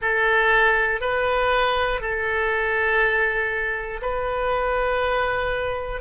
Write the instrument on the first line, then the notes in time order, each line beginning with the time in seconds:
oboe
0.01 A4
1.00 B4
2.00 A4
4.01 B4